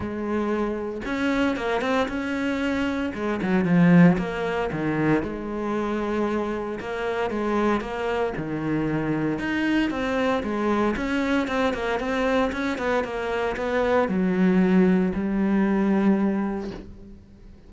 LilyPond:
\new Staff \with { instrumentName = "cello" } { \time 4/4 \tempo 4 = 115 gis2 cis'4 ais8 c'8 | cis'2 gis8 fis8 f4 | ais4 dis4 gis2~ | gis4 ais4 gis4 ais4 |
dis2 dis'4 c'4 | gis4 cis'4 c'8 ais8 c'4 | cis'8 b8 ais4 b4 fis4~ | fis4 g2. | }